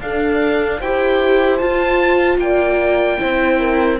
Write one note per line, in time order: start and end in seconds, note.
0.00 0.80 D4
0.00 0.81 D4
0.00 0.79 A4
0.00 0.81 F5
0.79 1.61 E4
0.79 1.59 G4
0.79 2.39 C5
0.79 1.57 G5
1.57 3.19 F4
1.57 2.37 F4
1.57 2.37 A5
2.37 3.17 A#3
2.37 3.20 D5
2.37 3.99 G5
3.19 3.99 C4
3.19 3.99 E4
3.19 3.59 C5
3.59 3.99 A#4